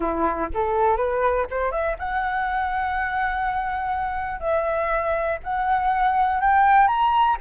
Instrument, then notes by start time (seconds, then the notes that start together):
flute
0.00 E4
0.53 A4
0.96 B4
1.50 C5
1.71 E5
1.99 F#5
4.39 E5
5.43 F#5
6.40 G5
6.87 A#5